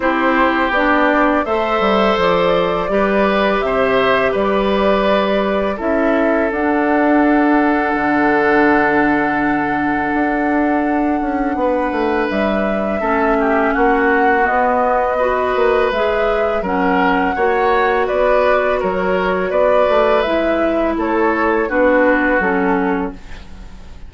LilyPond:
<<
  \new Staff \with { instrumentName = "flute" } { \time 4/4 \tempo 4 = 83 c''4 d''4 e''4 d''4~ | d''4 e''4 d''2 | e''4 fis''2.~ | fis''1~ |
fis''4 e''2 fis''4 | dis''2 e''4 fis''4~ | fis''4 d''4 cis''4 d''4 | e''4 cis''4 b'4 a'4 | }
  \new Staff \with { instrumentName = "oboe" } { \time 4/4 g'2 c''2 | b'4 c''4 b'2 | a'1~ | a'1 |
b'2 a'8 g'8 fis'4~ | fis'4 b'2 ais'4 | cis''4 b'4 ais'4 b'4~ | b'4 a'4 fis'2 | }
  \new Staff \with { instrumentName = "clarinet" } { \time 4/4 e'4 d'4 a'2 | g'1 | e'4 d'2.~ | d'1~ |
d'2 cis'2 | b4 fis'4 gis'4 cis'4 | fis'1 | e'2 d'4 cis'4 | }
  \new Staff \with { instrumentName = "bassoon" } { \time 4/4 c'4 b4 a8 g8 f4 | g4 c4 g2 | cis'4 d'2 d4~ | d2 d'4. cis'8 |
b8 a8 g4 a4 ais4 | b4. ais8 gis4 fis4 | ais4 b4 fis4 b8 a8 | gis4 a4 b4 fis4 | }
>>